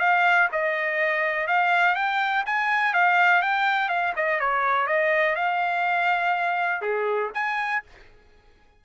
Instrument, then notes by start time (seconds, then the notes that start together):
trumpet
0.00 F5
0.53 D#5
1.48 F5
1.96 G5
2.46 G#5
2.94 F5
3.43 G5
3.89 F5
4.16 D#5
4.40 C#5
4.87 D#5
5.36 F5
6.82 G#4
7.35 G#5